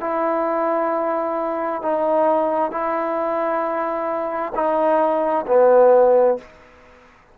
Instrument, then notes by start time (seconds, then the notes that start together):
trombone
0.00 E4
1.82 D#4
2.71 E4
4.55 D#4
5.47 B3